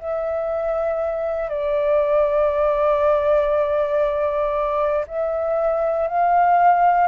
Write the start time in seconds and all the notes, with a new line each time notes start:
0.00 E5
1.50 D5
5.08 E5
6.08 F5